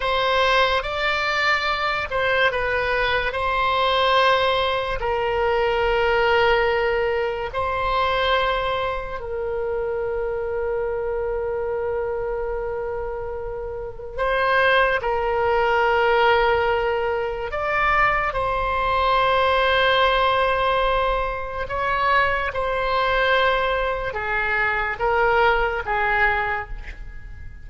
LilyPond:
\new Staff \with { instrumentName = "oboe" } { \time 4/4 \tempo 4 = 72 c''4 d''4. c''8 b'4 | c''2 ais'2~ | ais'4 c''2 ais'4~ | ais'1~ |
ais'4 c''4 ais'2~ | ais'4 d''4 c''2~ | c''2 cis''4 c''4~ | c''4 gis'4 ais'4 gis'4 | }